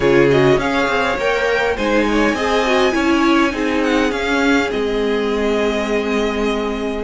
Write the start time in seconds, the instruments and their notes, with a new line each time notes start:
0.00 cello C#3, viola F4, violin G#4 C#5
0.30 viola F#4, violin D#5
0.57 cello C#4, viola G#4, violin C#5 F5
0.88 cello C4
1.17 cello A#3, viola A#4, violin G5
1.75 cello G#3, viola D#4, violin C5 G#5
2.11 violin C#5
2.33 cello C4, viola G#4, violin D#5
2.66 viola F#4
2.91 cello C#4, viola E4, violin C#5
3.51 cello C4, viola D#4, violin G#4
3.83 violin F#5
4.10 viola C#4, cello C#4, violin F5
4.70 cello G#3, viola C4, violin D#5